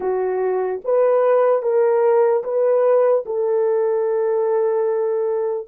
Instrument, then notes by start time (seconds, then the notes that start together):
horn
0.00 F#4
0.84 B4
1.62 A#4
2.43 B4
3.25 A4